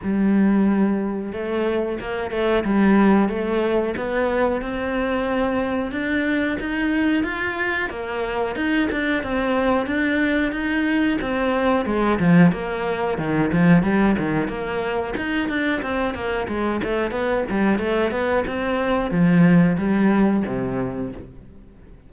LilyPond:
\new Staff \with { instrumentName = "cello" } { \time 4/4 \tempo 4 = 91 g2 a4 ais8 a8 | g4 a4 b4 c'4~ | c'4 d'4 dis'4 f'4 | ais4 dis'8 d'8 c'4 d'4 |
dis'4 c'4 gis8 f8 ais4 | dis8 f8 g8 dis8 ais4 dis'8 d'8 | c'8 ais8 gis8 a8 b8 g8 a8 b8 | c'4 f4 g4 c4 | }